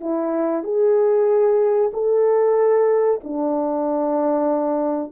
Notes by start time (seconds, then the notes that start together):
0.00 E4
0.63 G#4
1.93 A4
3.24 D4